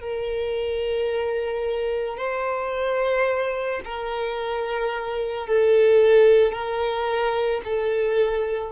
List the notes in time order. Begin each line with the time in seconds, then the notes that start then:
0.00 A#4
2.18 C5
3.85 A#4
5.47 A4
6.52 A#4
7.64 A4